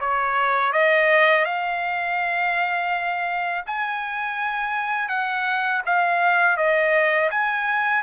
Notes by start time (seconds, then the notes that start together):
0.00 C#5
0.73 D#5
1.45 F5
3.66 G#5
5.09 F#5
5.86 F5
6.57 D#5
7.30 G#5